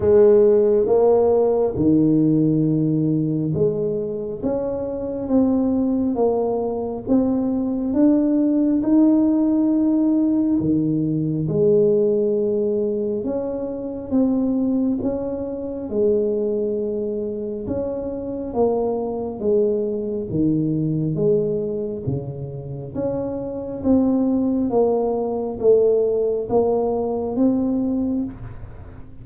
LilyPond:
\new Staff \with { instrumentName = "tuba" } { \time 4/4 \tempo 4 = 68 gis4 ais4 dis2 | gis4 cis'4 c'4 ais4 | c'4 d'4 dis'2 | dis4 gis2 cis'4 |
c'4 cis'4 gis2 | cis'4 ais4 gis4 dis4 | gis4 cis4 cis'4 c'4 | ais4 a4 ais4 c'4 | }